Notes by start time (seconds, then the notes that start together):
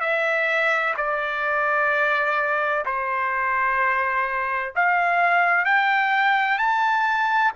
0.00 E5
0.97 D5
2.85 C5
4.75 F5
5.65 G5
6.58 A5